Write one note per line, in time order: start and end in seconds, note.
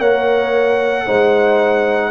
0.00 1.07 A#3
0.00 1.07 A#4
0.00 1.06 C#5
0.00 2.12 F#5
1.06 2.12 G#3
1.06 2.12 D#4
1.06 2.12 C5